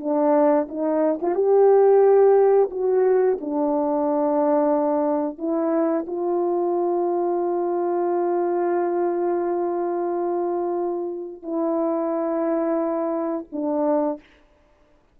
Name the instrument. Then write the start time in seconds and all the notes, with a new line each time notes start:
horn
0.00 D4
0.69 D#4
1.22 F4
1.35 G4
2.71 F#4
3.40 D4
5.38 E4
6.07 F4
11.42 E4
13.52 D4